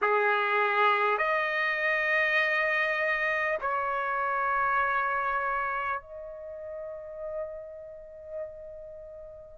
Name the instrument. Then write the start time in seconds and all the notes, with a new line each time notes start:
trumpet
0.01 G#4
1.17 D#5
3.61 C#5
6.01 D#5